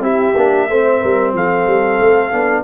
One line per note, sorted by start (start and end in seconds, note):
0.00 0.33 C4
0.00 0.35 E4
0.00 0.68 G4
0.00 1.34 E5
0.37 0.69 A#3
0.37 0.70 D4
0.69 1.01 A3
0.69 2.32 C4
0.69 1.01 C5
1.01 1.33 G3
1.01 1.33 A#4
1.33 1.66 F3
1.33 2.64 A4
1.33 2.64 F5
1.66 1.99 G3
2.00 2.32 A3
2.32 2.64 B3
2.32 2.64 D4